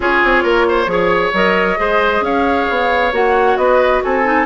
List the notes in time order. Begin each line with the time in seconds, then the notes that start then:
0.00 C#4 F4 G#4 C#5
0.24 C4
0.43 A#3 A#4
0.68 C5
0.86 F3 G#4 C#5
1.33 F#3 A#4 D#5
1.77 G#3 G#4 C5
2.21 C#4 C#5 F5
2.69 B3
3.12 A#3 F#4 F#5
3.57 B3 B4 D#5
4.03 C4 A4 G#5
4.23 D#4